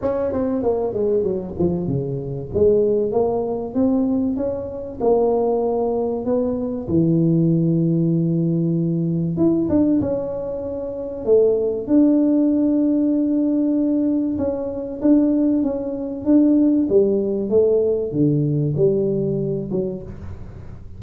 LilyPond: \new Staff \with { instrumentName = "tuba" } { \time 4/4 \tempo 4 = 96 cis'8 c'8 ais8 gis8 fis8 f8 cis4 | gis4 ais4 c'4 cis'4 | ais2 b4 e4~ | e2. e'8 d'8 |
cis'2 a4 d'4~ | d'2. cis'4 | d'4 cis'4 d'4 g4 | a4 d4 g4. fis8 | }